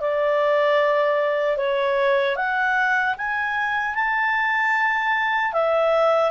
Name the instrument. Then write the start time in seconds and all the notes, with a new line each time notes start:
clarinet
0.00 D5
1.57 C#5
2.35 F#5
3.17 G#5
3.95 A5
5.53 E5